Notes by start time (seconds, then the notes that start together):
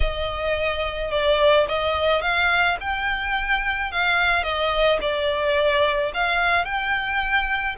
0.00 D#5
1.11 D5
1.68 D#5
2.21 F5
2.80 G5
3.91 F5
4.43 D#5
5.01 D5
6.13 F5
6.64 G5